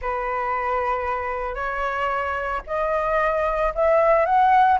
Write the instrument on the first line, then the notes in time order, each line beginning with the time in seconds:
flute
0.01 B4
1.54 C#5
2.66 D#5
3.74 E5
4.25 F#5